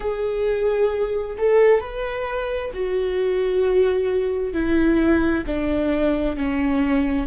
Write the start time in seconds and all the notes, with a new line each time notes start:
0.00 G#4
1.38 A4
1.80 B4
2.73 F#4
4.52 E4
5.46 D4
6.36 C#4